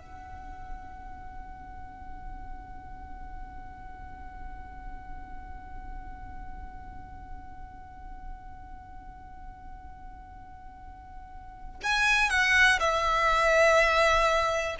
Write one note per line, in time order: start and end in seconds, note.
0.00 11.80 F#5
11.84 12.30 G#5
12.30 12.80 F#5
12.80 14.77 E5